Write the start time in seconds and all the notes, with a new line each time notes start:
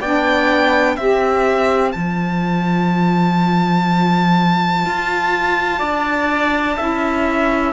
0.00 B3 D4 D5 G5
0.96 C4 G4 C5 E5
1.91 F3 F4 A5
4.85 F4
5.78 D4 D5
6.76 C#4 E4 E5